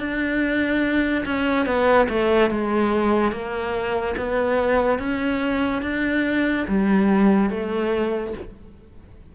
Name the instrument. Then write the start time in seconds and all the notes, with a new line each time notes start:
cello
0.00 D4
1.25 C#4
1.66 B3
2.09 A3
2.51 G#3
3.32 A#3
4.17 B3
4.99 C#4
5.83 D4
6.69 G3
7.50 A3